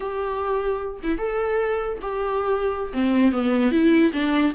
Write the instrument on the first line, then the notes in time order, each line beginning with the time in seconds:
viola
0.00 G4
1.03 E4
1.18 A4
2.01 G4
2.93 C4
3.32 B3
3.71 E4
4.13 D4